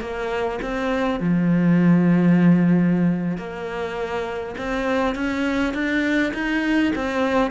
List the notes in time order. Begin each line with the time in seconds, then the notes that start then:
0.00 A#3
0.61 C4
1.19 F3
3.37 A#3
4.57 C4
5.15 C#4
5.74 D4
6.33 D#4
6.95 C4